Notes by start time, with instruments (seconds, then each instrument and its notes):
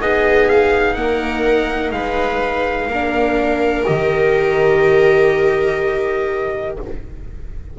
0.00 double bass B3, viola D#4 G#4, trumpet D#5
0.49 trumpet F5
0.94 double bass A#3, viola A#4, trumpet F#5
1.91 double bass G#3, viola B4, trumpet F5
2.87 double bass A#3, viola A#4
2.93 viola D4
3.86 double bass D#3, viola G4, trumpet D#5